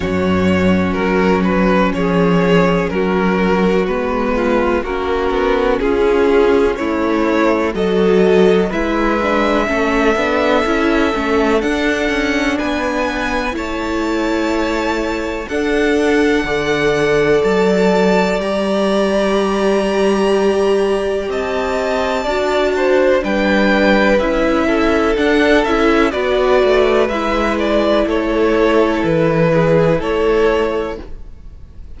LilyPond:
<<
  \new Staff \with { instrumentName = "violin" } { \time 4/4 \tempo 4 = 62 cis''4 ais'8 b'8 cis''4 ais'4 | b'4 ais'4 gis'4 cis''4 | dis''4 e''2. | fis''4 gis''4 a''2 |
fis''2 a''4 ais''4~ | ais''2 a''2 | g''4 e''4 fis''8 e''8 d''4 | e''8 d''8 cis''4 b'4 cis''4 | }
  \new Staff \with { instrumentName = "violin" } { \time 4/4 fis'2 gis'4 fis'4~ | fis'8 f'8 fis'4 f'4 e'4 | a'4 b'4 a'2~ | a'4 b'4 cis''2 |
a'4 d''2.~ | d''2 dis''4 d''8 c''8 | b'4. a'4. b'4~ | b'4 a'4. gis'8 a'4 | }
  \new Staff \with { instrumentName = "viola" } { \time 4/4 cis'1 | b4 cis'2. | fis'4 e'8 d'8 cis'8 d'8 e'8 cis'8 | d'2 e'2 |
d'4 a'2 g'4~ | g'2. fis'4 | d'4 e'4 d'8 e'8 fis'4 | e'1 | }
  \new Staff \with { instrumentName = "cello" } { \time 4/4 fis,4 fis4 f4 fis4 | gis4 ais8 b8 cis'4 a4 | fis4 gis4 a8 b8 cis'8 a8 | d'8 cis'8 b4 a2 |
d'4 d4 fis4 g4~ | g2 c'4 d'4 | g4 cis'4 d'8 cis'8 b8 a8 | gis4 a4 e4 a4 | }
>>